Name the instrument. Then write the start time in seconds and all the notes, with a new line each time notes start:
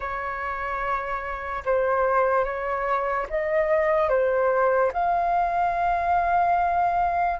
flute
0.00 C#5
1.65 C5
2.44 C#5
3.29 D#5
4.09 C5
4.93 F5